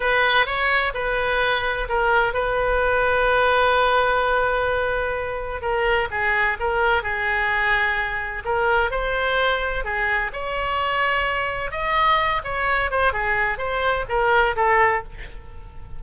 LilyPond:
\new Staff \with { instrumentName = "oboe" } { \time 4/4 \tempo 4 = 128 b'4 cis''4 b'2 | ais'4 b'2.~ | b'1 | ais'4 gis'4 ais'4 gis'4~ |
gis'2 ais'4 c''4~ | c''4 gis'4 cis''2~ | cis''4 dis''4. cis''4 c''8 | gis'4 c''4 ais'4 a'4 | }